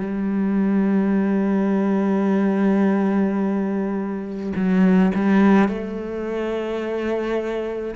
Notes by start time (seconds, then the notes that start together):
0.00 G3
4.55 F#3
5.15 G3
5.69 A3